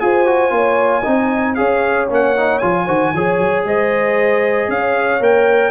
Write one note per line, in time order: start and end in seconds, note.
0.00 0.51 F4
0.00 0.26 G#4
0.00 0.55 C5
0.00 1.55 G#5
0.26 0.51 F#4
0.51 1.03 A#3
0.51 1.03 F4
0.51 1.02 C#5
1.02 1.59 C4
1.02 1.56 D#4
1.02 1.54 D#5
1.55 2.10 C#4
1.55 2.08 G#4
1.55 2.86 C#5
1.55 2.07 F5
2.10 2.62 A#3
2.10 2.36 C#4
2.10 2.59 F#5
2.36 2.62 D#4
2.59 2.88 F3
2.59 2.87 F4
2.59 3.63 G#5
2.86 3.14 D#3
2.86 3.13 F#4
2.86 3.12 C5
3.14 3.39 F3
3.14 5.21 G#4
3.14 3.67 C#5
3.39 3.64 F#3
3.64 4.68 G#3
3.64 4.71 C5
3.64 4.71 D#5
4.68 5.20 C#4
4.68 5.71 C#5
4.68 5.23 F5
5.20 5.71 A#3
5.20 5.71 A#4
5.20 5.71 G5